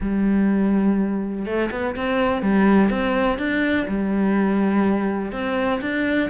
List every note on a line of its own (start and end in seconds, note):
0.00 1.45 G3
1.45 1.69 A3
1.71 1.95 B3
1.96 2.42 C4
2.42 2.89 G3
2.89 3.38 C4
3.38 3.86 D4
3.87 5.32 G3
5.32 5.80 C4
5.81 6.29 D4